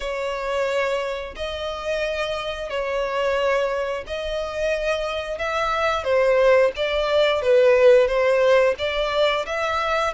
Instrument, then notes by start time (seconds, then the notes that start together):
violin
0.00 C#5
1.35 D#5
2.69 C#5
4.06 D#5
5.38 E5
6.04 C5
6.76 D5
7.42 B4
8.07 C5
8.78 D5
9.46 E5